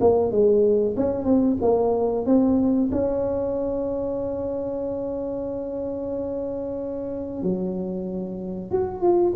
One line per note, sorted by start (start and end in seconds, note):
0.00 0.31 A#3
0.31 0.96 G#3
0.96 1.24 C#4
1.24 1.57 C4
1.61 2.26 A#3
2.26 2.90 C4
2.92 7.43 C#4
7.43 8.71 F#3
8.71 9.01 F#4
9.01 9.33 F4